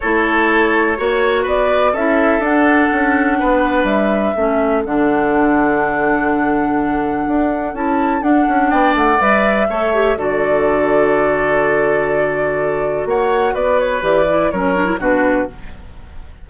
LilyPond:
<<
  \new Staff \with { instrumentName = "flute" } { \time 4/4 \tempo 4 = 124 cis''2. d''4 | e''4 fis''2. | e''2 fis''2~ | fis''1 |
a''4 fis''4 g''8 fis''8 e''4~ | e''4 d''2.~ | d''2. fis''4 | d''8 cis''8 d''4 cis''4 b'4 | }
  \new Staff \with { instrumentName = "oboe" } { \time 4/4 a'2 cis''4 b'4 | a'2. b'4~ | b'4 a'2.~ | a'1~ |
a'2 d''2 | cis''4 a'2.~ | a'2. cis''4 | b'2 ais'4 fis'4 | }
  \new Staff \with { instrumentName = "clarinet" } { \time 4/4 e'2 fis'2 | e'4 d'2.~ | d'4 cis'4 d'2~ | d'1 |
e'4 d'2 b'4 | a'8 g'8 fis'2.~ | fis'1~ | fis'4 g'8 e'8 cis'8 d'16 e'16 d'4 | }
  \new Staff \with { instrumentName = "bassoon" } { \time 4/4 a2 ais4 b4 | cis'4 d'4 cis'4 b4 | g4 a4 d2~ | d2. d'4 |
cis'4 d'8 cis'8 b8 a8 g4 | a4 d2.~ | d2. ais4 | b4 e4 fis4 b,4 | }
>>